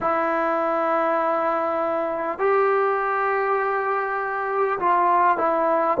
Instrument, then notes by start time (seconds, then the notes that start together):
trombone
0.00 E4
2.38 G4
4.79 F4
5.37 E4